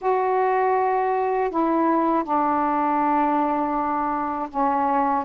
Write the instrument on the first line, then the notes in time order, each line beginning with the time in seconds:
saxophone
0.01 F#4
1.50 E4
2.23 D4
4.49 C#4